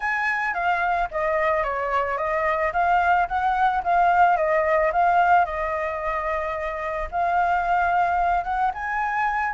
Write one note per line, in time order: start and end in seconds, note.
0.00 0.53 G#5
0.54 1.08 F5
1.11 1.63 D#5
1.63 2.17 C#5
2.17 2.72 D#5
2.72 3.27 F5
3.28 3.82 F#5
3.83 4.36 F5
4.36 4.91 D#5
4.92 5.45 F5
5.45 7.08 D#5
7.11 8.44 F5
8.44 8.71 F#5
8.73 9.53 G#5